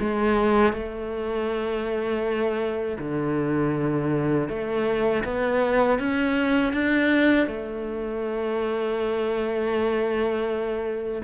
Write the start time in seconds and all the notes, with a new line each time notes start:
0.00 G#3
0.73 A3
2.99 D3
4.49 A3
5.25 B3
5.99 C#4
6.73 D4
7.47 A3